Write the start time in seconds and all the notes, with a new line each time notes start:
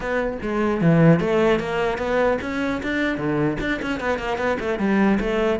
0.00 B3
0.42 G#3
0.81 E3
1.20 A3
1.59 A#3
1.98 B3
2.41 C#4
2.82 D4
3.17 D3
3.60 D4
3.82 C#4
3.99 B3
4.19 A#3
4.37 B3
4.59 A3
4.79 G3
5.20 A3